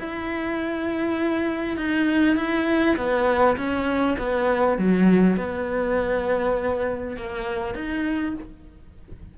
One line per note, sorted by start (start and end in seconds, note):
0.00 1.78 E4
1.78 2.37 D#4
2.37 2.97 E4
2.97 3.57 B3
3.58 4.18 C#4
4.19 4.78 B3
4.78 5.37 F#3
5.37 7.17 B3
7.17 7.75 A#3
7.75 8.35 D#4